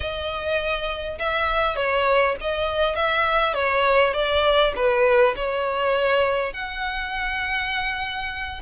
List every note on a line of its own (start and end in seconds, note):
0.00 1.18 D#5
1.18 1.76 E5
1.76 2.35 C#5
2.40 2.95 D#5
2.95 3.54 E5
3.54 4.13 C#5
4.13 4.73 D5
4.75 5.35 B4
5.36 6.53 C#5
6.53 8.61 F#5